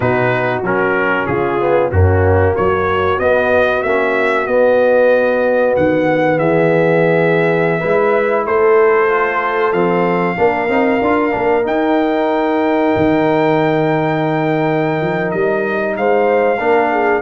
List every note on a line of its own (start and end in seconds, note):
0.00 0.62 B2
0.00 0.63 D#4
0.00 1.28 F#4
0.00 0.62 B4
0.62 1.26 F#3
0.62 1.60 C#4
0.62 1.26 A#4
1.26 1.91 C#3
1.26 1.91 F4
1.26 1.90 G#4
1.60 1.91 B3
1.91 2.55 F#2
1.91 3.19 A#3
1.91 2.55 C#4
1.91 2.55 F#4
2.55 3.18 F#3
2.55 6.37 F#4
2.55 3.19 C#5
3.18 3.82 B3
3.18 3.85 B3
3.18 3.82 D#5
3.82 4.46 A#3
3.82 4.47 C#4
3.82 4.46 E5
4.46 5.74 B3
4.46 7.81 B3
4.46 5.74 D#5
5.76 6.38 D#3
5.76 6.38 F#5
6.37 7.82 E3
6.37 7.80 G#4
6.37 8.46 E5
7.80 8.46 G#3
7.80 9.08 E4
7.80 8.43 B4
8.46 9.72 A3
8.46 10.37 A4
8.46 9.72 C5
9.08 9.72 F4
9.72 10.36 F3
9.72 10.36 C4
9.72 11.64 F5
10.36 10.68 A#3
10.36 10.68 D4
10.36 15.97 A#4
10.68 11.00 C4
10.68 11.01 D#4
11.01 11.33 D4
11.01 11.30 F4
11.30 11.65 A#3
11.30 11.62 D4
11.62 16.57 D#4
11.62 12.93 D#4
11.62 15.31 G5
12.96 15.00 D#3
15.00 15.32 F3
15.31 15.97 G3
15.31 15.95 D#5
15.97 16.59 G#3
15.97 16.58 C5
15.97 17.22 F5
16.58 17.22 A#3
16.58 17.22 D4
16.58 16.90 A#4
16.91 17.22 G#4